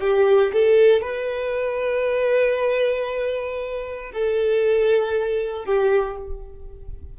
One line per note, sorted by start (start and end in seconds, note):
0.00 0.52 G4
0.53 1.02 A4
1.02 4.12 B4
4.13 5.65 A4
5.65 6.17 G4